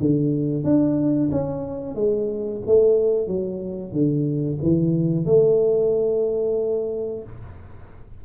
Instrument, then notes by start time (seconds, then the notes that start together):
tuba
0.00 D3
0.64 D4
1.32 C#4
1.95 G#3
2.67 A3
3.28 F#3
3.93 D3
4.62 E3
5.26 A3